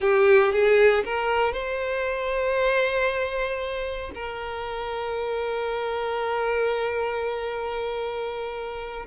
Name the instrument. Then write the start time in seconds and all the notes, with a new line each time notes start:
violin
0.00 G4
0.52 G#4
1.04 A#4
1.52 C5
4.14 A#4